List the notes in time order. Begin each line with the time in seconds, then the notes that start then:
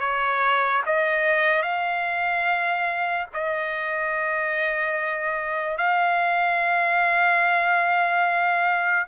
0.00 C#5
0.86 D#5
1.62 F5
3.34 D#5
5.78 F5